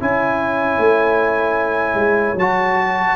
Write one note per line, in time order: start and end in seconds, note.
0.00 0.78 C#4
0.00 2.37 E4
0.00 3.16 C#5
0.00 2.39 G#5
0.78 1.95 A3
1.95 2.34 G#3
2.35 3.13 F#3
2.35 3.16 F#4
2.35 3.16 A5